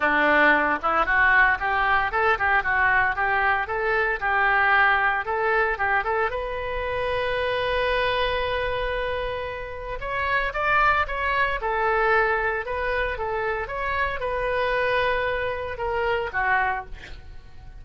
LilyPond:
\new Staff \with { instrumentName = "oboe" } { \time 4/4 \tempo 4 = 114 d'4. e'8 fis'4 g'4 | a'8 g'8 fis'4 g'4 a'4 | g'2 a'4 g'8 a'8 | b'1~ |
b'2. cis''4 | d''4 cis''4 a'2 | b'4 a'4 cis''4 b'4~ | b'2 ais'4 fis'4 | }